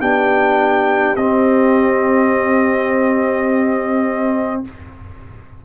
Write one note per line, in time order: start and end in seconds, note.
0.00 1.16 B3
0.00 1.17 D4
0.00 4.62 G4
0.00 1.16 G5
1.16 4.62 C4
1.16 4.65 C4
1.16 4.62 D#5